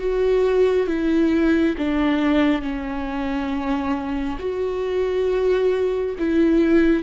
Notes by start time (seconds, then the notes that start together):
0.00 F#4
0.87 E4
1.78 D4
2.62 C#4
4.40 F#4
6.19 E4